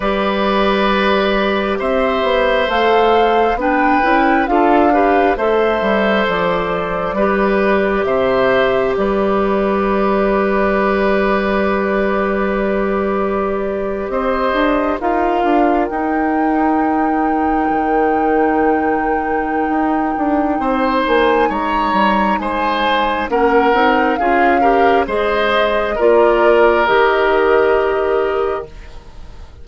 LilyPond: <<
  \new Staff \with { instrumentName = "flute" } { \time 4/4 \tempo 4 = 67 d''2 e''4 f''4 | g''4 f''4 e''4 d''4~ | d''4 e''4 d''2~ | d''2.~ d''8. dis''16~ |
dis''8. f''4 g''2~ g''16~ | g''2.~ g''8 gis''8 | ais''4 gis''4 fis''4 f''4 | dis''4 d''4 dis''2 | }
  \new Staff \with { instrumentName = "oboe" } { \time 4/4 b'2 c''2 | b'4 a'8 b'8 c''2 | b'4 c''4 b'2~ | b'2.~ b'8. c''16~ |
c''8. ais'2.~ ais'16~ | ais'2. c''4 | cis''4 c''4 ais'4 gis'8 ais'8 | c''4 ais'2. | }
  \new Staff \with { instrumentName = "clarinet" } { \time 4/4 g'2. a'4 | d'8 e'8 f'8 g'8 a'2 | g'1~ | g'1~ |
g'8. f'4 dis'2~ dis'16~ | dis'1~ | dis'2 cis'8 dis'8 f'8 g'8 | gis'4 f'4 g'2 | }
  \new Staff \with { instrumentName = "bassoon" } { \time 4/4 g2 c'8 b8 a4 | b8 cis'8 d'4 a8 g8 f4 | g4 c4 g2~ | g2.~ g8. c'16~ |
c'16 d'8 dis'8 d'8 dis'2 dis16~ | dis2 dis'8 d'8 c'8 ais8 | gis8 g8 gis4 ais8 c'8 cis'4 | gis4 ais4 dis2 | }
>>